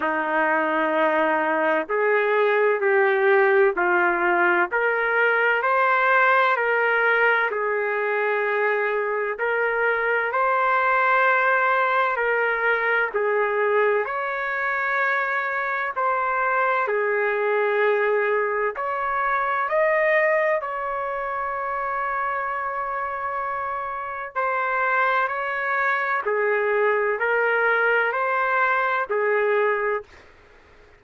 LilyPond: \new Staff \with { instrumentName = "trumpet" } { \time 4/4 \tempo 4 = 64 dis'2 gis'4 g'4 | f'4 ais'4 c''4 ais'4 | gis'2 ais'4 c''4~ | c''4 ais'4 gis'4 cis''4~ |
cis''4 c''4 gis'2 | cis''4 dis''4 cis''2~ | cis''2 c''4 cis''4 | gis'4 ais'4 c''4 gis'4 | }